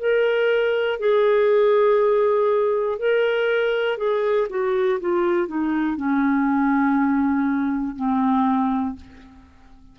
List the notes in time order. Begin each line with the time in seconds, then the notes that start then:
0.00 A#4
1.00 G#4
2.99 A#4
3.98 G#4
4.50 F#4
5.00 F4
5.48 D#4
5.97 C#4
7.96 C4